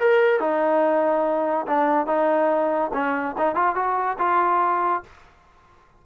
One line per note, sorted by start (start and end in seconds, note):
0.00 0.40 A#4
0.40 1.67 D#4
1.67 2.07 D4
2.07 2.92 D#4
2.94 3.36 C#4
3.38 3.56 D#4
3.56 3.76 F4
3.76 4.18 F#4
4.19 5.04 F4